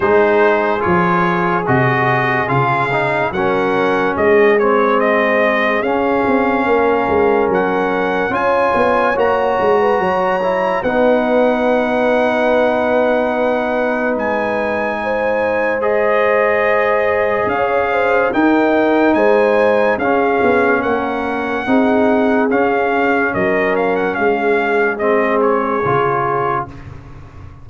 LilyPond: <<
  \new Staff \with { instrumentName = "trumpet" } { \time 4/4 \tempo 4 = 72 c''4 cis''4 dis''4 f''4 | fis''4 dis''8 cis''8 dis''4 f''4~ | f''4 fis''4 gis''4 ais''4~ | ais''4 fis''2.~ |
fis''4 gis''2 dis''4~ | dis''4 f''4 g''4 gis''4 | f''4 fis''2 f''4 | dis''8 f''16 fis''16 f''4 dis''8 cis''4. | }
  \new Staff \with { instrumentName = "horn" } { \time 4/4 gis'1 | ais'4 gis'2. | ais'2 cis''4.~ cis''16 b'16 | cis''4 b'2.~ |
b'2 c''2~ | c''4 cis''8 c''8 ais'4 c''4 | gis'4 ais'4 gis'2 | ais'4 gis'2. | }
  \new Staff \with { instrumentName = "trombone" } { \time 4/4 dis'4 f'4 fis'4 f'8 dis'8 | cis'4. c'4. cis'4~ | cis'2 f'4 fis'4~ | fis'8 e'8 dis'2.~ |
dis'2. gis'4~ | gis'2 dis'2 | cis'2 dis'4 cis'4~ | cis'2 c'4 f'4 | }
  \new Staff \with { instrumentName = "tuba" } { \time 4/4 gis4 f4 c4 cis4 | fis4 gis2 cis'8 c'8 | ais8 gis8 fis4 cis'8 b8 ais8 gis8 | fis4 b2.~ |
b4 gis2.~ | gis4 cis'4 dis'4 gis4 | cis'8 b8 ais4 c'4 cis'4 | fis4 gis2 cis4 | }
>>